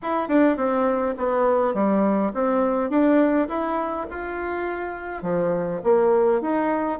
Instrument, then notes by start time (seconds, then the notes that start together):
bassoon
0.02 E4
0.28 D4
0.56 C4
1.17 B3
1.73 G3
2.34 C4
2.89 D4
3.48 E4
4.10 F4
5.22 F3
5.83 A#3
6.41 D#4